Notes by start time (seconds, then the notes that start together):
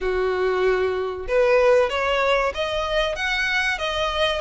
0.00 F#4
1.28 B4
1.89 C#5
2.54 D#5
3.16 F#5
3.78 D#5